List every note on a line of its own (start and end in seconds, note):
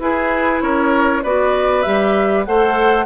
0.00 0.61 E4
0.00 1.23 E4
0.00 0.63 G#4
0.00 0.62 B4
0.62 1.23 C#4
0.62 1.24 A#4
0.62 1.23 C#5
1.24 1.86 B3
1.24 1.85 F#4
1.24 2.46 B4
1.24 1.83 D5
1.83 2.48 G3
1.83 2.46 G4
1.83 2.44 E5
2.46 3.06 A3
2.46 3.06 A4
2.46 3.06 C5
2.46 3.06 F#5